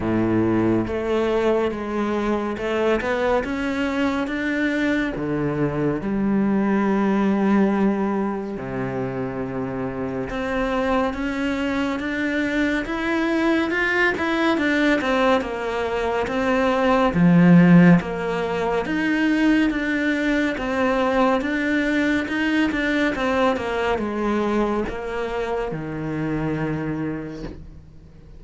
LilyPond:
\new Staff \with { instrumentName = "cello" } { \time 4/4 \tempo 4 = 70 a,4 a4 gis4 a8 b8 | cis'4 d'4 d4 g4~ | g2 c2 | c'4 cis'4 d'4 e'4 |
f'8 e'8 d'8 c'8 ais4 c'4 | f4 ais4 dis'4 d'4 | c'4 d'4 dis'8 d'8 c'8 ais8 | gis4 ais4 dis2 | }